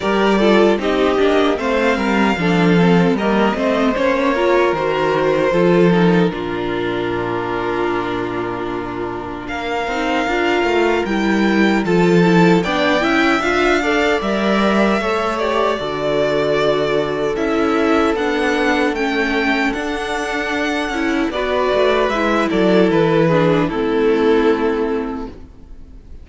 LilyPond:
<<
  \new Staff \with { instrumentName = "violin" } { \time 4/4 \tempo 4 = 76 d''4 dis''4 f''2 | dis''4 cis''4 c''4. ais'8~ | ais'1 | f''2 g''4 a''4 |
g''4 f''4 e''4. d''8~ | d''2 e''4 fis''4 | g''4 fis''2 d''4 | e''8 d''8 b'4 a'2 | }
  \new Staff \with { instrumentName = "violin" } { \time 4/4 ais'8 a'8 g'4 c''8 ais'8 a'4 | ais'8 c''4 ais'4. a'4 | f'1 | ais'2. a'4 |
d''8 e''4 d''4. cis''4 | a'1~ | a'2. b'4~ | b'8 a'4 gis'8 e'2 | }
  \new Staff \with { instrumentName = "viola" } { \time 4/4 g'8 f'8 dis'8 d'8 c'4 d'8 c'8 | ais8 c'8 cis'8 f'8 fis'4 f'8 dis'8 | d'1~ | d'8 dis'8 f'4 e'4 f'8 e'8 |
d'8 e'8 f'8 a'8 ais'4 a'8 g'8 | fis'2 e'4 d'4 | cis'4 d'4. e'8 fis'4 | e'4. d'8 c'2 | }
  \new Staff \with { instrumentName = "cello" } { \time 4/4 g4 c'8 ais8 a8 g8 f4 | g8 a8 ais4 dis4 f4 | ais,1 | ais8 c'8 d'8 a8 g4 f4 |
b8 cis'8 d'4 g4 a4 | d2 cis'4 b4 | a4 d'4. cis'8 b8 a8 | gis8 fis8 e4 a2 | }
>>